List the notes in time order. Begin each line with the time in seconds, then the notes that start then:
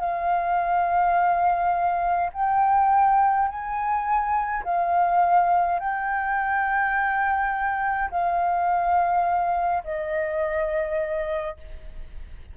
0.00 F5
2.33 G5
3.48 G#5
4.64 F5
5.80 G5
8.11 F5
9.84 D#5